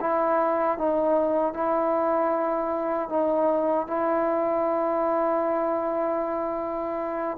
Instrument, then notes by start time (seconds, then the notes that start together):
trombone
0.00 E4
0.78 D#4
1.53 E4
3.09 D#4
3.87 E4